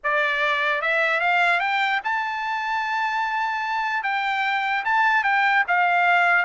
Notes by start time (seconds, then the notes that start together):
0.03 D5
0.81 E5
1.20 F5
1.60 G5
2.03 A5
4.03 G5
4.84 A5
5.23 G5
5.67 F5